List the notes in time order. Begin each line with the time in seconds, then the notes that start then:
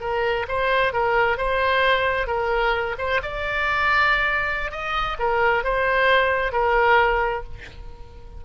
0.00 A#4
0.48 C5
0.93 A#4
1.37 C5
2.27 A#4
2.98 C5
3.22 D5
4.71 D#5
5.19 A#4
5.64 C5
6.52 A#4